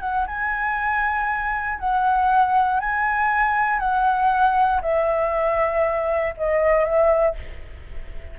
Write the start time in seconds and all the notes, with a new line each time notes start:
0.00 F#5
0.27 G#5
1.79 F#5
2.80 G#5
3.79 F#5
4.82 E5
6.37 D#5
6.84 E5